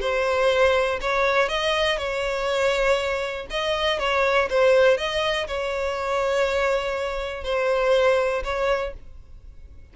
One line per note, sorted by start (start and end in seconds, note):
0.00 0.99 C5
1.01 1.49 C#5
1.49 1.98 D#5
1.98 3.46 C#5
3.50 3.99 D#5
3.99 4.49 C#5
4.50 4.97 C5
4.97 5.47 D#5
5.47 7.44 C#5
7.44 8.43 C5
8.44 8.93 C#5